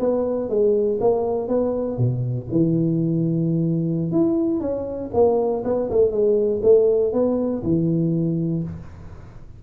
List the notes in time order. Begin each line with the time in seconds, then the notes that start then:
0.00 B3
0.49 G#3
1.01 A#3
1.48 B3
1.98 B2
2.51 E3
4.12 E4
4.60 C#4
5.14 A#3
5.65 B3
5.91 A3
6.11 G#3
6.63 A3
7.13 B3
7.63 E3